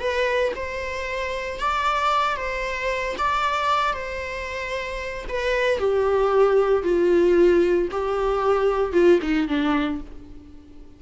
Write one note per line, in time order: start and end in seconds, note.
0.00 0.53 B4
0.56 1.60 C5
1.60 2.37 D5
2.37 3.16 C5
3.18 3.94 D5
3.94 5.25 C5
5.29 5.79 B4
5.79 6.84 G4
6.84 7.89 F4
7.92 8.93 G4
8.93 9.19 F4
9.22 9.48 D#4
9.48 10.01 D4